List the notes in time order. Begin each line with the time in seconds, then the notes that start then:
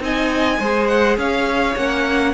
0.00 C4 D#4 D#5 G#5
0.59 G#3 G#4 C5
0.87 F#5
1.17 C#4 C#5 F5
1.76 A#3 C#4 F#5